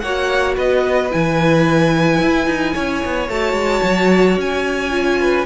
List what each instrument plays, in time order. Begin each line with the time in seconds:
0.00 cello A#3, viola F#4, violin C#5 F#5
0.55 cello B3, violin B4 D#5
1.10 cello E3, viola E4, violin G#5
2.22 cello E4
2.46 cello D#4
2.74 cello C#4, violin C#5
3.05 cello B3
3.29 cello A3, viola F#4, violin A5
3.53 cello G#3
3.83 cello F#3
4.37 cello C#4, violin G#5
4.91 viola F4
5.20 violin B4